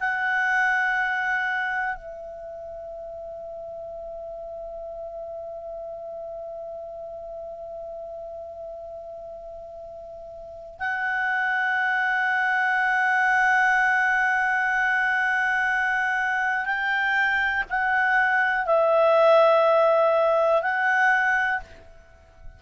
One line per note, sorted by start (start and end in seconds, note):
0.00 1.96 F#5
1.96 10.80 E5
10.80 16.65 F#5
16.65 17.64 G5
17.70 18.66 F#5
18.66 20.62 E5
20.62 21.61 F#5